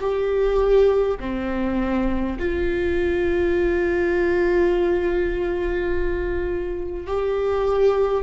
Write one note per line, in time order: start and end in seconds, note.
0.00 1.18 G4
1.20 2.37 C4
2.39 7.07 F4
7.07 8.23 G4